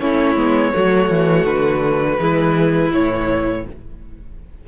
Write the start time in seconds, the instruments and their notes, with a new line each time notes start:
0.00 cello A3, viola C#4, violin E4 C#5
0.36 cello G#3, viola B3
0.73 cello F#3, viola A3, violin F#4
1.10 cello E3
1.45 cello D3, violin B4
2.19 cello E3, viola G#3, violin E4
2.91 cello A2, viola E3, violin C#5